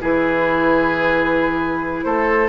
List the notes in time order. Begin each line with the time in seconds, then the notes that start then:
0.00 E3 E4 G#4 B4
2.04 A3 A4 C5